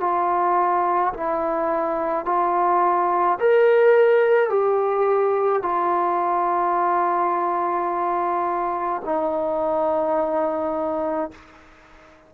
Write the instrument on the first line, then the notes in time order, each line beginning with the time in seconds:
trombone
0.00 F4
1.14 E4
2.25 F4
3.40 A#4
4.50 G4
5.62 F4
9.05 D#4